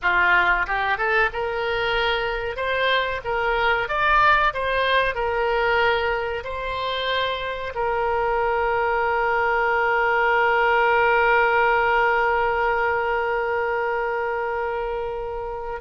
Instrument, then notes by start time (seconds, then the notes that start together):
oboe
0.01 F4
0.66 G4
0.97 A4
1.33 A#4
2.56 C5
3.24 A#4
3.88 D5
4.53 C5
5.14 A#4
6.44 C5
7.74 A#4